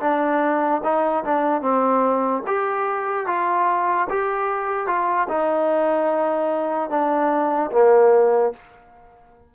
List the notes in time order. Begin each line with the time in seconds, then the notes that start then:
0.00 D4
0.83 D#4
1.24 D4
1.61 C4
2.47 G4
3.26 F4
4.09 G4
4.87 F4
5.29 D#4
6.90 D4
7.72 A#3